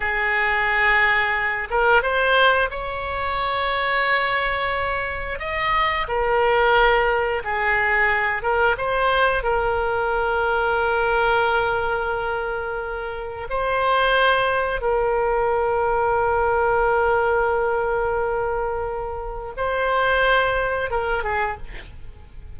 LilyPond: \new Staff \with { instrumentName = "oboe" } { \time 4/4 \tempo 4 = 89 gis'2~ gis'8 ais'8 c''4 | cis''1 | dis''4 ais'2 gis'4~ | gis'8 ais'8 c''4 ais'2~ |
ais'1 | c''2 ais'2~ | ais'1~ | ais'4 c''2 ais'8 gis'8 | }